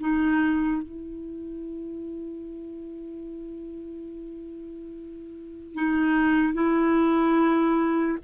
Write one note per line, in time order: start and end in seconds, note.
0.00 0.82 D#4
0.82 5.74 E4
5.74 6.53 D#4
6.53 8.18 E4